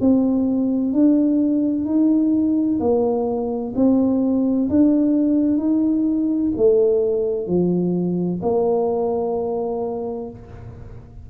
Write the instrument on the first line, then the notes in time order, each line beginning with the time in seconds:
tuba
0.00 C4
0.92 D4
1.85 D#4
2.80 A#3
3.75 C4
4.69 D4
5.57 D#4
6.57 A3
7.47 F3
8.42 A#3